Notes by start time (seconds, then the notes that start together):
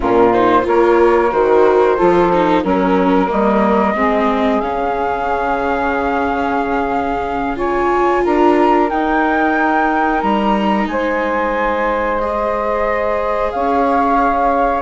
0.00 A#2 C#4 F4 A#4
0.33 D#4 C5
0.62 A#3 F4 A#4 C#5
1.31 D#3 F#4 C5
1.96 F3 F4 A4
2.33 D#4
2.62 F#3 C#4 A#4
3.27 G3 A#3 D#5
3.95 G#3 C4 G#4
4.60 C#3 C#4 F5
7.56 F4 C#5 G#5
8.24 D4 A#4 A#5
8.90 D#4 G5
10.21 G3 A#5
10.87 G#3 C5 G#5
12.19 G#4 D#5
13.51 C#4 C#5 F5